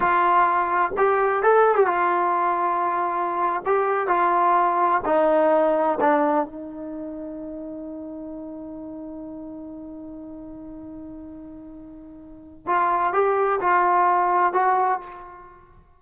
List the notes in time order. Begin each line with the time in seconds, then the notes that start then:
0.00 F4
0.97 G4
1.42 A4
1.75 G4
1.86 F4
3.65 G4
4.07 F4
5.05 D#4
6.00 D4
6.45 D#4
12.66 F4
13.13 G4
13.60 F4
14.53 F#4